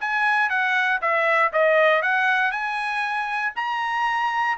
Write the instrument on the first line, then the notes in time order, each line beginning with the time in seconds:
trumpet
0.00 G#5
0.49 F#5
1.01 E5
1.53 D#5
2.02 F#5
2.51 G#5
3.56 A#5